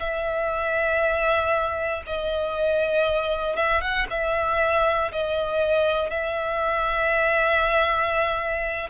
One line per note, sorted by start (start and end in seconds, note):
0.00 2.03 E5
2.07 3.56 D#5
3.56 3.81 E5
3.81 4.07 F#5
4.10 5.12 E5
5.12 6.10 D#5
6.10 8.90 E5